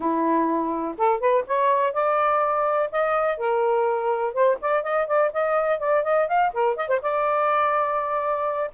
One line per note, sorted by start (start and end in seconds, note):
0.00 0.95 E4
0.97 1.20 A4
1.20 1.44 B4
1.46 1.93 C#5
1.93 2.90 D5
2.91 3.37 D#5
3.37 4.33 A#4
4.33 4.57 C5
4.61 4.83 D5
4.83 5.07 D#5
5.07 5.31 D5
5.33 5.79 D#5
5.79 6.03 D5
6.03 6.27 D#5
6.27 6.52 F5
6.53 6.76 A#4
6.76 6.88 D#5
6.88 7.00 C5
7.01 8.71 D5